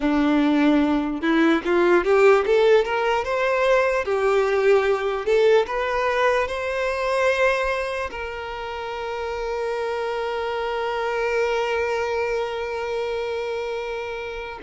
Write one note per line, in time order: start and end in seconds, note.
0.00 1.21 D4
1.21 1.62 E4
1.64 2.04 F4
2.04 2.44 G4
2.45 2.84 A4
2.84 3.24 A#4
3.24 4.04 C5
4.04 5.25 G4
5.25 5.66 A4
5.66 6.47 B4
6.47 8.09 C5
8.10 14.59 A#4